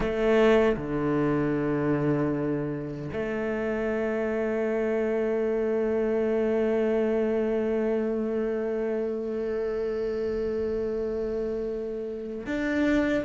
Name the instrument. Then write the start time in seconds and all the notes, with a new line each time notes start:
cello
0.00 A3
0.76 D3
3.12 A3
12.46 D4